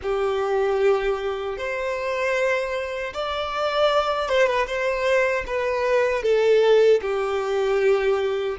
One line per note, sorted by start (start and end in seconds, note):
0.02 1.57 G4
1.57 3.13 C5
3.13 4.29 D5
4.29 4.46 C5
4.46 4.66 B4
4.66 5.44 C5
5.47 6.23 B4
6.23 7.01 A4
7.01 8.57 G4